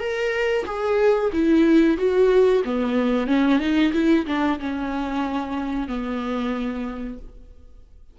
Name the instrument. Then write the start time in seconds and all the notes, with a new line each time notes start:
viola
0.00 A#4
0.66 G#4
1.33 E4
1.98 F#4
2.65 B3
3.28 C#4
3.60 D#4
3.94 E4
4.27 D4
4.60 C#4
5.88 B3